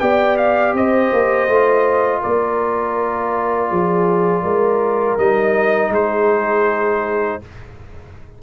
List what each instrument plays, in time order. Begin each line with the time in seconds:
0.00 tuba B3, trombone G4, horn D5, trumpet G5
0.37 trumpet F5
0.74 tuba C4, horn C5, trumpet D#5
1.13 tuba A#3
1.48 tuba A3, trombone F4
2.21 tuba A#3, horn A#4, trumpet D5
3.70 tuba F3, horn G#4
4.43 tuba G#3, horn A#4
5.18 tuba G3, trombone D#4, trumpet D#5
5.90 tuba G#3, horn G#4, trumpet C5